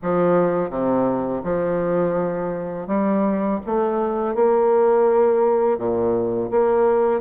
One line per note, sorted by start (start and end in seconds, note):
0.02 0.70 F3
0.70 1.42 C3
1.43 2.87 F3
2.87 3.59 G3
3.66 4.34 A3
4.34 5.78 A#3
5.78 6.50 A#2
6.51 7.20 A#3